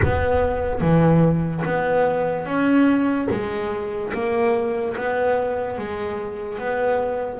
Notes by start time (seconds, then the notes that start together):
0.03 B3
0.80 E3
1.65 B3
2.45 C#4
3.30 G#3
4.13 A#3
4.97 B3
5.78 G#3
6.58 B3